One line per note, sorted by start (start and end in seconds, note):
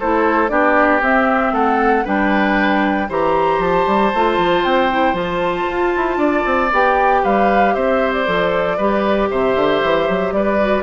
0.00 0.51 A3
0.00 0.48 E4
0.00 0.51 A4
0.00 0.49 C5
0.48 1.02 B3
0.48 1.00 D4
0.48 1.54 G4
0.48 1.01 D5
1.02 1.53 C4
1.02 2.05 C4
1.02 1.55 E5
1.53 2.04 A3
1.53 2.05 A4
1.53 2.06 F#5
2.05 3.10 G3
2.05 3.08 D4
2.05 3.08 B4
2.05 3.11 G5
3.09 3.59 E3
3.09 4.13 G4
3.09 6.18 C5
3.09 3.62 A#5
3.59 3.85 F3
3.59 4.64 A5
3.87 4.13 G3
4.15 4.38 A3
4.15 4.91 F4
4.38 4.64 F3
4.64 5.13 C4
4.64 5.16 G5
4.91 5.14 E4
5.13 5.65 F3
5.13 6.69 F4
5.13 6.73 A5
5.68 5.94 F4
5.97 6.17 E4
6.17 6.43 D4
6.17 7.22 D5
6.46 6.72 C4
6.72 7.24 B3
6.72 8.26 G4
6.72 7.25 G5
7.23 7.76 G3
7.23 7.75 B4
7.23 7.74 F5
7.74 8.28 C4
7.74 8.78 C5
7.74 8.13 E5
8.13 9.30 D5
8.26 8.79 F3
8.26 8.78 A4
8.78 9.30 G3
8.78 10.61 G4
8.78 9.29 B4
9.31 9.56 C3
9.31 10.34 C5
9.31 10.33 E5
9.56 9.82 D3
9.84 10.09 E3
10.09 10.32 F#3
10.32 10.83 G3
10.32 10.83 B4
10.32 10.83 D5
10.61 10.83 F#4